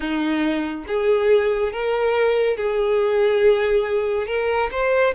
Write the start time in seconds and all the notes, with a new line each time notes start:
0.00 D#4
0.87 G#4
1.72 A#4
2.56 G#4
4.26 A#4
4.71 C5